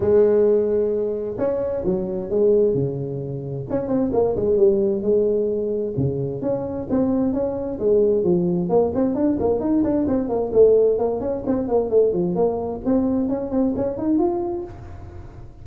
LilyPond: \new Staff \with { instrumentName = "tuba" } { \time 4/4 \tempo 4 = 131 gis2. cis'4 | fis4 gis4 cis2 | cis'8 c'8 ais8 gis8 g4 gis4~ | gis4 cis4 cis'4 c'4 |
cis'4 gis4 f4 ais8 c'8 | d'8 ais8 dis'8 d'8 c'8 ais8 a4 | ais8 cis'8 c'8 ais8 a8 f8 ais4 | c'4 cis'8 c'8 cis'8 dis'8 f'4 | }